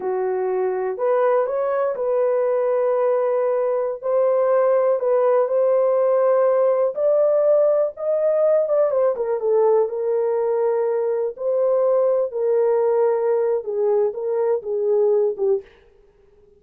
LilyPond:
\new Staff \with { instrumentName = "horn" } { \time 4/4 \tempo 4 = 123 fis'2 b'4 cis''4 | b'1~ | b'16 c''2 b'4 c''8.~ | c''2~ c''16 d''4.~ d''16~ |
d''16 dis''4. d''8 c''8 ais'8 a'8.~ | a'16 ais'2. c''8.~ | c''4~ c''16 ais'2~ ais'8. | gis'4 ais'4 gis'4. g'8 | }